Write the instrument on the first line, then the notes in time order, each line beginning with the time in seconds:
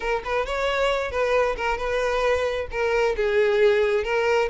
violin
0.00 A#4
0.24 B4
0.45 C#5
1.11 B4
1.56 A#4
1.77 B4
2.71 A#4
3.16 G#4
4.03 A#4